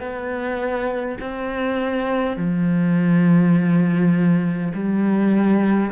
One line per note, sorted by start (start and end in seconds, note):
0.00 1.18 B3
1.20 2.36 C4
2.36 4.72 F3
4.74 5.91 G3